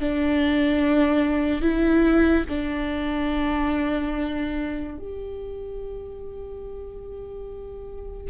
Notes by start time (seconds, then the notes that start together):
0.00 D4
1.61 E4
2.48 D4
4.98 G4